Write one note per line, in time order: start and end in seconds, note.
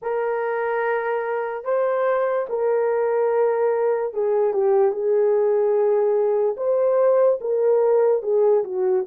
0.02 1.64 A#4
1.64 2.46 C5
2.49 4.13 A#4
4.13 4.53 G#4
4.53 4.91 G4
4.91 6.55 G#4
6.56 7.39 C5
7.40 8.22 A#4
8.22 8.63 G#4
8.64 9.05 F#4